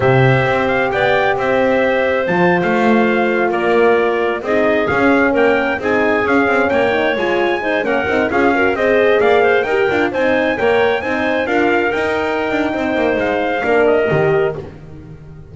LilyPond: <<
  \new Staff \with { instrumentName = "trumpet" } { \time 4/4 \tempo 4 = 132 e''4. f''8 g''4 e''4~ | e''4 a''8. f''2 d''16~ | d''4.~ d''16 dis''4 f''4 g''16~ | g''8. gis''4 f''4 g''4 gis''16~ |
gis''4~ gis''16 fis''4 f''4 dis''8.~ | dis''16 f''4 g''4 gis''4 g''8.~ | g''16 gis''4 f''4 g''4.~ g''16~ | g''4 f''4. dis''4. | }
  \new Staff \with { instrumentName = "clarinet" } { \time 4/4 c''2 d''4 c''4~ | c''2.~ c''8. ais'16~ | ais'4.~ ais'16 gis'2 ais'16~ | ais'8. gis'2 cis''4~ cis''16~ |
cis''8. c''8 ais'4 gis'8 ais'8 c''8.~ | c''16 d''8 c''8 ais'4 c''4 cis''8.~ | cis''16 c''4 ais'2~ ais'8. | c''2 ais'2 | }
  \new Staff \with { instrumentName = "horn" } { \time 4/4 g'1~ | g'4 f'2.~ | f'4.~ f'16 dis'4 cis'4~ cis'16~ | cis'8. dis'4 cis'4. dis'8 f'16~ |
f'8. dis'8 cis'8 dis'8 f'8 fis'8 gis'8.~ | gis'4~ gis'16 g'8 f'8 dis'4 ais'8.~ | ais'16 dis'4 f'4 dis'4.~ dis'16~ | dis'2 d'4 g'4 | }
  \new Staff \with { instrumentName = "double bass" } { \time 4/4 c4 c'4 b4 c'4~ | c'4 f8. a2 ais16~ | ais4.~ ais16 c'4 cis'4 ais16~ | ais8. c'4 cis'8 c'8 ais4 gis16~ |
gis4~ gis16 ais8 c'8 cis'4 c'8.~ | c'16 ais4 dis'8 d'8 c'4 ais8.~ | ais16 c'4 d'4 dis'4~ dis'16 d'8 | c'8 ais8 gis4 ais4 dis4 | }
>>